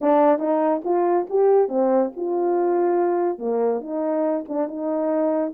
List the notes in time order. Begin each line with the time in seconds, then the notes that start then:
0.01 D4
0.38 D#4
0.84 F4
1.29 G4
1.68 C4
2.16 F4
3.38 A#3
3.81 D#4
4.48 D4
4.67 D#4